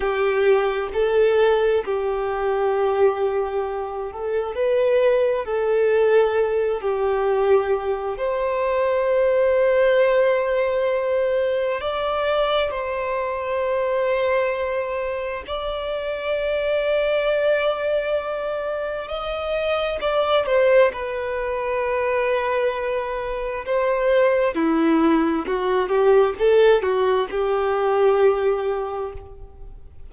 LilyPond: \new Staff \with { instrumentName = "violin" } { \time 4/4 \tempo 4 = 66 g'4 a'4 g'2~ | g'8 a'8 b'4 a'4. g'8~ | g'4 c''2.~ | c''4 d''4 c''2~ |
c''4 d''2.~ | d''4 dis''4 d''8 c''8 b'4~ | b'2 c''4 e'4 | fis'8 g'8 a'8 fis'8 g'2 | }